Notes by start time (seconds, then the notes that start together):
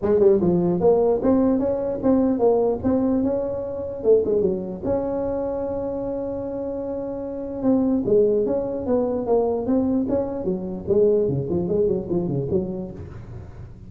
0.01 G#3
0.19 G3
0.40 F3
0.80 A#3
1.22 C4
1.59 C#4
2.02 C4
2.38 A#3
2.83 C4
3.23 C#4
4.03 A3
4.25 G#3
4.41 F#3
4.84 C#4
7.62 C4
8.05 G#3
8.46 C#4
8.86 B3
9.26 A#3
9.66 C4
10.09 C#4
10.44 F#3
10.88 G#3
11.28 C#3
11.49 F3
11.68 G#3
11.87 F#3
12.09 F3
12.27 C#3
12.50 F#3